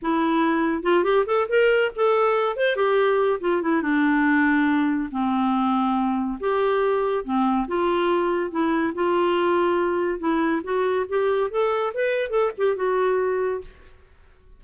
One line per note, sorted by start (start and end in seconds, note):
0.01 0.82 E4
0.82 1.03 F4
1.03 1.25 G4
1.26 1.47 A4
1.49 1.91 A#4
1.95 2.56 A4
2.56 2.75 C5
2.75 3.39 G4
3.40 3.62 F4
3.62 3.81 E4
3.81 5.09 D4
5.11 6.38 C4
6.40 7.24 G4
7.24 7.67 C4
7.67 8.50 F4
8.50 8.93 E4
8.94 10.19 F4
10.19 10.61 E4
10.63 11.06 F#4
11.08 11.50 G4
11.50 11.92 A4
11.94 12.29 B4
12.29 12.51 A4
12.57 12.76 G4
12.76 13.61 F#4